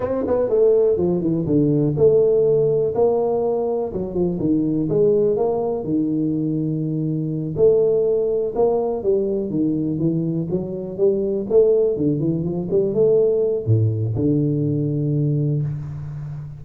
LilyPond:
\new Staff \with { instrumentName = "tuba" } { \time 4/4 \tempo 4 = 123 c'8 b8 a4 f8 e8 d4 | a2 ais2 | fis8 f8 dis4 gis4 ais4 | dis2.~ dis8 a8~ |
a4. ais4 g4 dis8~ | dis8 e4 fis4 g4 a8~ | a8 d8 e8 f8 g8 a4. | a,4 d2. | }